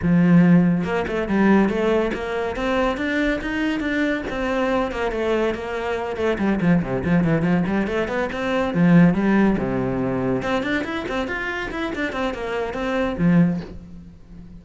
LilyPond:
\new Staff \with { instrumentName = "cello" } { \time 4/4 \tempo 4 = 141 f2 ais8 a8 g4 | a4 ais4 c'4 d'4 | dis'4 d'4 c'4. ais8 | a4 ais4. a8 g8 f8 |
c8 f8 e8 f8 g8 a8 b8 c'8~ | c'8 f4 g4 c4.~ | c8 c'8 d'8 e'8 c'8 f'4 e'8 | d'8 c'8 ais4 c'4 f4 | }